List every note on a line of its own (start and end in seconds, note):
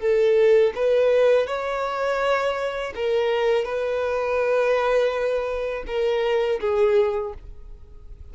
0.00 0.73 A4
0.75 1.47 B4
1.47 2.93 C#5
2.95 3.65 A#4
3.65 5.84 B4
5.87 6.60 A#4
6.60 7.33 G#4